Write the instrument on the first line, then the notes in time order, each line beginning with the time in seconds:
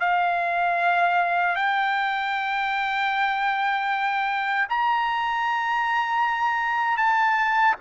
trumpet
0.00 F5
1.56 G5
4.70 A#5
6.97 A5